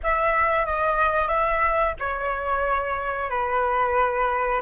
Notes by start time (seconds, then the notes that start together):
0.03 E5
0.65 D#5
1.27 E5
1.99 C#5
3.30 B4